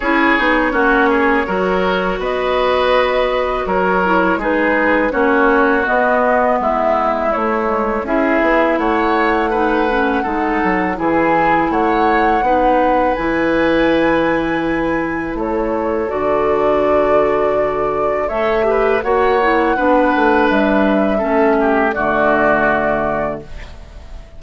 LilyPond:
<<
  \new Staff \with { instrumentName = "flute" } { \time 4/4 \tempo 4 = 82 cis''2. dis''4~ | dis''4 cis''4 b'4 cis''4 | dis''4 e''4 cis''4 e''4 | fis''2. gis''4 |
fis''2 gis''2~ | gis''4 cis''4 d''2~ | d''4 e''4 fis''2 | e''2 d''2 | }
  \new Staff \with { instrumentName = "oboe" } { \time 4/4 gis'4 fis'8 gis'8 ais'4 b'4~ | b'4 ais'4 gis'4 fis'4~ | fis'4 e'2 gis'4 | cis''4 b'4 a'4 gis'4 |
cis''4 b'2.~ | b'4 a'2.~ | a'4 cis''8 b'8 cis''4 b'4~ | b'4 a'8 g'8 fis'2 | }
  \new Staff \with { instrumentName = "clarinet" } { \time 4/4 e'8 dis'8 cis'4 fis'2~ | fis'4. e'8 dis'4 cis'4 | b2 a8 gis8 e'4~ | e'4 dis'8 cis'8 dis'4 e'4~ |
e'4 dis'4 e'2~ | e'2 fis'2~ | fis'4 a'8 g'8 fis'8 e'8 d'4~ | d'4 cis'4 a2 | }
  \new Staff \with { instrumentName = "bassoon" } { \time 4/4 cis'8 b8 ais4 fis4 b4~ | b4 fis4 gis4 ais4 | b4 gis4 a4 cis'8 b8 | a2 gis8 fis8 e4 |
a4 b4 e2~ | e4 a4 d2~ | d4 a4 ais4 b8 a8 | g4 a4 d2 | }
>>